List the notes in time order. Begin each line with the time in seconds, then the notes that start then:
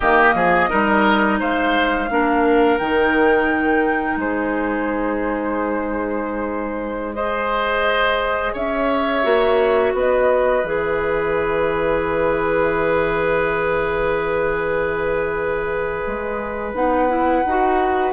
0.00 D#3 A#3 G4 D#5
0.34 F3 G#4
0.69 G3 D#4 A#4
1.39 G#3 C5 F5
2.10 A#3 D4 A#4
2.78 D#3 D#4 G5
4.15 G#3 G#4 C5
7.14 G#4 C5 D#5
8.53 C#4 C#5 E5
9.23 A#3 F#4
9.93 B3 B4 D#5
10.63 E3 G#4 E5
16.06 G#3
16.73 B3 D#4 F#5
17.08 E4
17.45 D#4 F#4